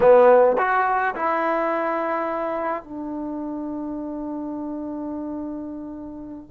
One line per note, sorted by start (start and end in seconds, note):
0.00 0.56 B3
0.58 1.14 F#4
1.15 2.83 E4
2.83 6.51 D4